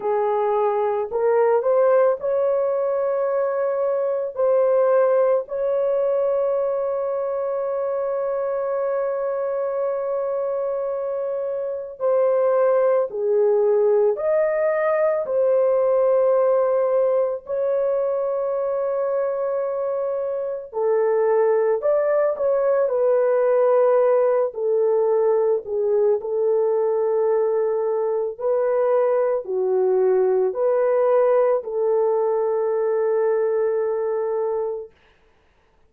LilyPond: \new Staff \with { instrumentName = "horn" } { \time 4/4 \tempo 4 = 55 gis'4 ais'8 c''8 cis''2 | c''4 cis''2.~ | cis''2. c''4 | gis'4 dis''4 c''2 |
cis''2. a'4 | d''8 cis''8 b'4. a'4 gis'8 | a'2 b'4 fis'4 | b'4 a'2. | }